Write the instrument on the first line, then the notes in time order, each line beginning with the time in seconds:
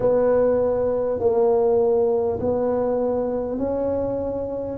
tuba
0.00 B3
1.19 A#3
2.39 B3
3.58 C#4